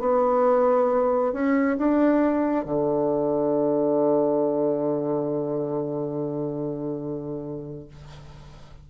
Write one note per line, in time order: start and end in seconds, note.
0.00 1.33 B3
1.33 1.78 C#4
1.79 2.66 D4
2.66 7.88 D3